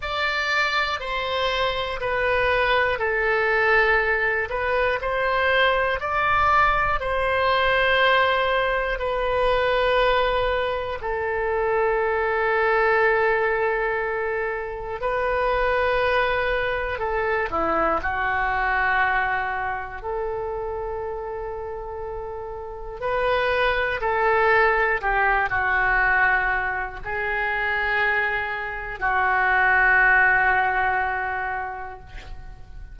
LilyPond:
\new Staff \with { instrumentName = "oboe" } { \time 4/4 \tempo 4 = 60 d''4 c''4 b'4 a'4~ | a'8 b'8 c''4 d''4 c''4~ | c''4 b'2 a'4~ | a'2. b'4~ |
b'4 a'8 e'8 fis'2 | a'2. b'4 | a'4 g'8 fis'4. gis'4~ | gis'4 fis'2. | }